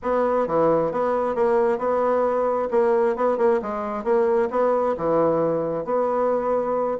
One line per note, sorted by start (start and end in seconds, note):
0.02 0.47 B3
0.47 0.91 E3
0.91 1.35 B3
1.35 1.78 A#3
1.78 2.68 B3
2.70 3.15 A#3
3.16 3.37 B3
3.37 3.60 A#3
3.62 4.04 G#3
4.04 4.49 A#3
4.50 4.95 B3
4.97 5.84 E3
5.84 6.97 B3